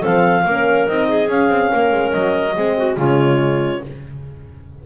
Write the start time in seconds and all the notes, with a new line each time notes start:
0.00 F3 C4 A4 F5
0.45 A#3 C#4 A#4
0.87 C4 D#4 D#5
1.08 G#4
1.26 C#4 F5
1.49 C4
1.71 A#3 A#4
1.92 G#3
2.11 F#3 D#5
2.56 G#3 C4 G#4
2.77 F#4
2.97 C#3 G#3 F4 C#5